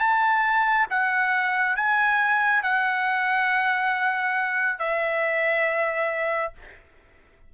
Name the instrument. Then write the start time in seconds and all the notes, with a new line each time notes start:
trumpet
0.00 A5
0.91 F#5
1.76 G#5
2.63 F#5
4.79 E5